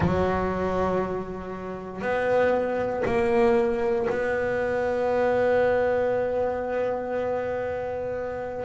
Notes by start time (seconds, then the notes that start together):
0.00 F#3
2.01 B3
3.05 A#3
4.09 B3